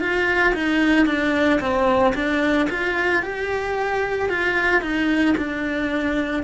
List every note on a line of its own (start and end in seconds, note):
0.00 0.54 F4
0.54 1.06 D#4
1.06 1.60 D4
1.60 2.14 C4
2.15 2.68 D4
2.70 3.22 F4
3.22 4.29 G4
4.29 4.81 F4
4.81 5.35 D#4
5.38 6.43 D4